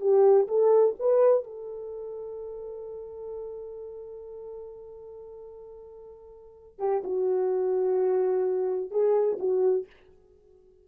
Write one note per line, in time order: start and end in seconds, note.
0.00 0.47 G4
0.47 0.94 A4
0.99 1.43 B4
1.43 6.79 A4
6.79 7.02 G4
7.04 8.90 F#4
8.90 9.37 G#4
9.39 9.86 F#4